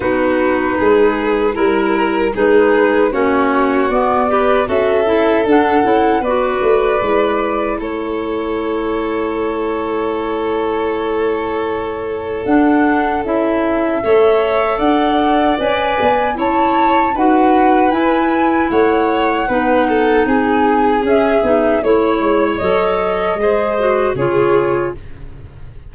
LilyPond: <<
  \new Staff \with { instrumentName = "flute" } { \time 4/4 \tempo 4 = 77 b'2 ais'4 b'4 | cis''4 d''4 e''4 fis''4 | d''2 cis''2~ | cis''1 |
fis''4 e''2 fis''4 | gis''4 a''4 fis''4 gis''4 | fis''2 gis''4 e''4 | cis''4 dis''2 cis''4 | }
  \new Staff \with { instrumentName = "violin" } { \time 4/4 fis'4 gis'4 ais'4 gis'4 | fis'4. b'8 a'2 | b'2 a'2~ | a'1~ |
a'2 cis''4 d''4~ | d''4 cis''4 b'2 | cis''4 b'8 a'8 gis'2 | cis''2 c''4 gis'4 | }
  \new Staff \with { instrumentName = "clarinet" } { \time 4/4 dis'2 e'4 dis'4 | cis'4 b8 g'8 fis'8 e'8 d'8 e'8 | fis'4 e'2.~ | e'1 |
d'4 e'4 a'2 | b'4 e'4 fis'4 e'4~ | e'4 dis'2 cis'8 dis'8 | e'4 a'4 gis'8 fis'8 f'4 | }
  \new Staff \with { instrumentName = "tuba" } { \time 4/4 b4 gis4 g4 gis4 | ais4 b4 cis'4 d'8 cis'8 | b8 a8 gis4 a2~ | a1 |
d'4 cis'4 a4 d'4 | cis'8 b8 cis'4 dis'4 e'4 | a4 b4 c'4 cis'8 b8 | a8 gis8 fis4 gis4 cis4 | }
>>